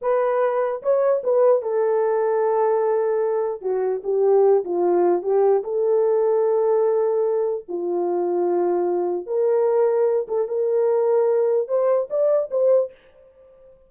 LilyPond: \new Staff \with { instrumentName = "horn" } { \time 4/4 \tempo 4 = 149 b'2 cis''4 b'4 | a'1~ | a'4 fis'4 g'4. f'8~ | f'4 g'4 a'2~ |
a'2. f'4~ | f'2. ais'4~ | ais'4. a'8 ais'2~ | ais'4 c''4 d''4 c''4 | }